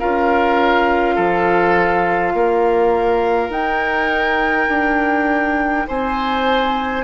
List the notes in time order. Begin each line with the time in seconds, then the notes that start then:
0.00 C#4 F4 A#4 F5
1.15 F3 A4
2.34 A#3 A#4
3.50 D#4 G5
4.68 D4
5.88 C4 C5 G#5